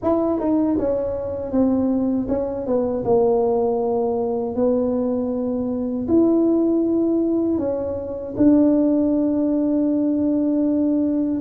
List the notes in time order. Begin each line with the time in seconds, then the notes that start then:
0.02 E4
0.40 D#4
0.78 C#4
1.51 C4
2.28 C#4
2.66 B3
3.04 A#3
4.55 B3
6.08 E4
7.58 C#4
8.36 D4